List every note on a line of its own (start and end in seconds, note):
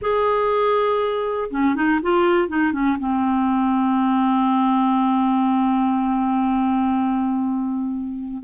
0.01 1.50 G#4
1.50 1.75 C#4
1.75 1.99 D#4
2.02 2.48 F4
2.48 2.72 D#4
2.72 2.97 C#4
2.99 8.43 C4